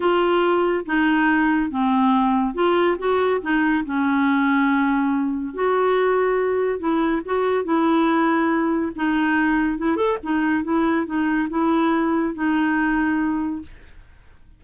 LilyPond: \new Staff \with { instrumentName = "clarinet" } { \time 4/4 \tempo 4 = 141 f'2 dis'2 | c'2 f'4 fis'4 | dis'4 cis'2.~ | cis'4 fis'2. |
e'4 fis'4 e'2~ | e'4 dis'2 e'8 a'8 | dis'4 e'4 dis'4 e'4~ | e'4 dis'2. | }